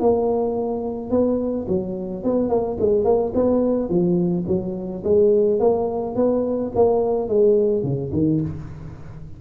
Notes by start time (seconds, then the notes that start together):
0.00 A#3
1.11 B3
1.68 F#3
2.24 B3
2.49 A#3
2.80 G#3
3.04 A#3
3.35 B3
3.89 F3
4.47 F#3
5.04 G#3
5.60 A#3
6.16 B3
6.75 A#3
7.28 G#3
7.83 C#3
8.13 D#3